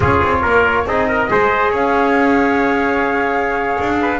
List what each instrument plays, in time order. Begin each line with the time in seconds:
0.00 double bass C#4, trombone F4, trumpet G#4, flute C#5
0.23 double bass C4
0.42 double bass A#3, trumpet A#4
0.86 double bass C4, trombone D#4, trumpet G#4, flute D#5
1.08 trumpet A#4
1.29 double bass G#3, trombone G#4, trumpet C5
1.71 double bass C#4, trumpet C#5, flute F5
3.80 double bass D4
4.01 trumpet B4